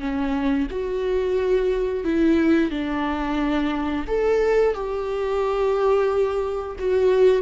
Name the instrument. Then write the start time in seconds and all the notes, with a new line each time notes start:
viola
0.00 C#4
0.71 F#4
2.04 E4
2.71 D4
4.07 A4
4.74 G4
6.79 F#4